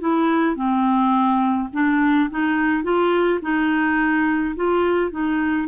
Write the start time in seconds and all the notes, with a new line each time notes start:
0.00 E4
0.55 C4
1.73 D4
2.30 D#4
2.83 F4
3.41 D#4
4.56 F4
5.11 D#4